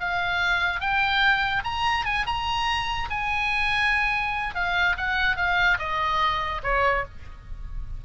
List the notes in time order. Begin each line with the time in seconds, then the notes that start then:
0.00 F5
0.81 G5
1.64 A#5
2.05 G#5
2.26 A#5
3.10 G#5
4.55 F5
4.97 F#5
5.37 F5
5.79 D#5
6.63 C#5